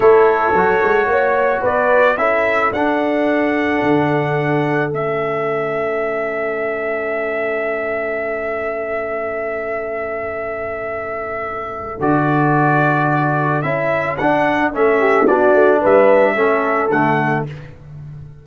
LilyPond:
<<
  \new Staff \with { instrumentName = "trumpet" } { \time 4/4 \tempo 4 = 110 cis''2. d''4 | e''4 fis''2.~ | fis''4 e''2.~ | e''1~ |
e''1~ | e''2 d''2~ | d''4 e''4 fis''4 e''4 | d''4 e''2 fis''4 | }
  \new Staff \with { instrumentName = "horn" } { \time 4/4 a'2 cis''4 b'4 | a'1~ | a'1~ | a'1~ |
a'1~ | a'1~ | a'2.~ a'8 g'8 | fis'4 b'4 a'2 | }
  \new Staff \with { instrumentName = "trombone" } { \time 4/4 e'4 fis'2. | e'4 d'2.~ | d'4 cis'2.~ | cis'1~ |
cis'1~ | cis'2 fis'2~ | fis'4 e'4 d'4 cis'4 | d'2 cis'4 a4 | }
  \new Staff \with { instrumentName = "tuba" } { \time 4/4 a4 fis8 gis8 ais4 b4 | cis'4 d'2 d4~ | d4 a2.~ | a1~ |
a1~ | a2 d2~ | d4 cis'4 d'4 a4 | b8 a8 g4 a4 d4 | }
>>